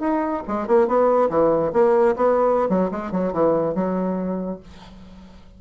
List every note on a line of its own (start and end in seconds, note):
0.00 0.43 D#4
0.48 0.67 G#3
0.67 0.88 A#3
0.88 1.29 B3
1.29 1.72 E3
1.73 2.15 A#3
2.16 2.69 B3
2.69 2.90 F#3
2.91 3.12 G#3
3.12 3.32 F#3
3.32 3.75 E3
3.75 4.60 F#3